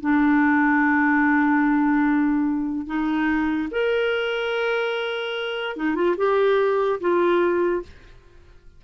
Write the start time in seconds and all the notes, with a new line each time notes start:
0.00 D4
2.86 D#4
3.71 A#4
5.76 D#4
5.95 F4
6.17 G4
7.00 F4